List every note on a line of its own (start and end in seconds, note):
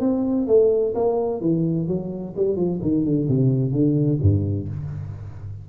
0.00 0.47 C4
0.47 0.94 A3
0.95 1.41 A#3
1.41 1.87 E3
1.87 2.34 F#3
2.36 2.56 G3
2.56 2.80 F3
2.82 3.05 D#3
3.05 3.28 D3
3.28 3.72 C3
3.72 4.19 D3
4.21 4.68 G2